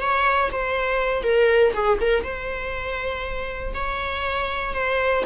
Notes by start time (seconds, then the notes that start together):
0.00 C#5
0.52 C5
1.23 A#4
1.73 G#4
2.00 A#4
2.23 C5
3.74 C#5
4.74 C5